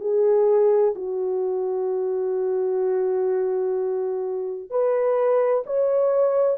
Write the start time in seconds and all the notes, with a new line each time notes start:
0.00 G#4
0.95 F#4
4.70 B4
5.66 C#5